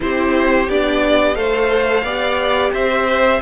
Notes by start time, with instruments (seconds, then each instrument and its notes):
0.00 cello C4, viola E4, violin G4 C5
0.68 cello B3, viola D4, violin D5
1.35 cello A3, viola A4, violin C5 F5
2.03 cello B3, viola G4, violin D5
2.73 cello C4, violin C5 E5